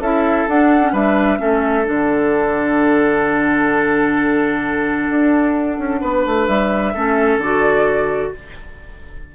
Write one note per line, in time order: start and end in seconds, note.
0.00 0.46 C#4
0.00 0.49 E4
0.00 0.93 A4
0.00 0.48 E5
0.48 0.93 D4
0.48 0.82 D4
0.48 0.94 F#5
0.82 0.93 C#4
0.93 1.39 G3
0.93 1.38 D4
0.93 1.39 B4
0.93 1.86 E5
1.38 1.87 A3
1.38 1.84 C#4
1.38 6.01 A4
1.85 5.10 D3
1.85 6.93 D4
1.85 6.47 F#5
5.10 5.78 D4
5.78 6.02 C#4
6.01 6.26 B3
6.01 6.93 B4
6.26 6.48 A3
6.47 6.94 G3
6.47 7.39 E5
6.95 7.38 A3
6.95 7.42 C#4
6.95 8.33 A4
7.38 8.30 D3
7.38 8.35 F#4
7.38 8.32 D5